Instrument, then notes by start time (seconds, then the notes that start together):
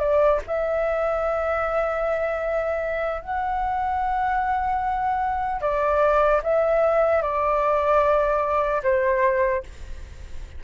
flute
0.00 D5
0.47 E5
3.22 F#5
5.62 D5
6.44 E5
7.23 D5
8.84 C5